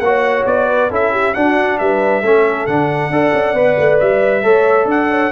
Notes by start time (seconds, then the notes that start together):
0.00 A#3 F#4 C#5 F#5
0.47 B3 D5
0.69 B4
0.91 C#4 E4 A4 E5
1.12 G4
1.35 D4 F#4 F#5
1.79 G3 B4 E5
2.22 A3 C#4 A4
2.67 D3 D4 F#5
3.10 D4 A4 D5
3.34 C#4
3.54 B3 B4
3.79 A3
4.00 G3 E5
4.43 A3 A4 C#5
4.86 D4 D5 F#5
5.10 C#5